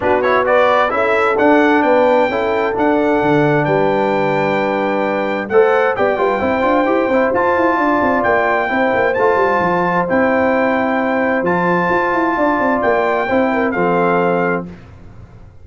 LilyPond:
<<
  \new Staff \with { instrumentName = "trumpet" } { \time 4/4 \tempo 4 = 131 b'8 cis''8 d''4 e''4 fis''4 | g''2 fis''2 | g''1 | fis''4 g''2. |
a''2 g''2 | a''2 g''2~ | g''4 a''2. | g''2 f''2 | }
  \new Staff \with { instrumentName = "horn" } { \time 4/4 fis'4 b'4 a'2 | b'4 a'2. | b'1 | c''4 d''8 b'8 c''2~ |
c''4 d''2 c''4~ | c''1~ | c''2. d''4~ | d''4 c''8 ais'8 a'2 | }
  \new Staff \with { instrumentName = "trombone" } { \time 4/4 d'8 e'8 fis'4 e'4 d'4~ | d'4 e'4 d'2~ | d'1 | a'4 g'8 f'8 e'8 f'8 g'8 e'8 |
f'2. e'4 | f'2 e'2~ | e'4 f'2.~ | f'4 e'4 c'2 | }
  \new Staff \with { instrumentName = "tuba" } { \time 4/4 b2 cis'4 d'4 | b4 cis'4 d'4 d4 | g1 | a4 b8 g8 c'8 d'8 e'8 c'8 |
f'8 e'8 d'8 c'8 ais4 c'8 ais8 | a8 g8 f4 c'2~ | c'4 f4 f'8 e'8 d'8 c'8 | ais4 c'4 f2 | }
>>